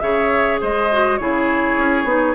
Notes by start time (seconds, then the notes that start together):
0.00 C#3 G#4 C#5 E5
0.61 G#3 C5 D#5
0.92 F#4
1.18 C#3 E4 G#4 C#5
1.78 C#4
2.04 B3 D#4